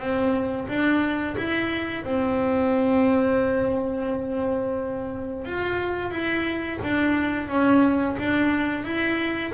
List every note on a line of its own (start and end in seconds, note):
0.00 0.68 C4
0.68 1.37 D4
1.38 2.05 E4
2.05 5.46 C4
5.46 6.11 F4
6.11 6.79 E4
6.83 7.48 D4
7.48 8.17 C#4
8.19 8.85 D4
8.85 9.53 E4